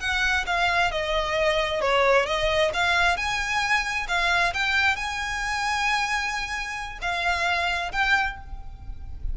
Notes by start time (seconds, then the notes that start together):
0.00 F#5
0.46 F5
0.91 D#5
1.81 C#5
2.26 D#5
2.73 F5
3.17 G#5
4.08 F5
4.54 G5
4.96 G#5
7.01 F5
7.92 G5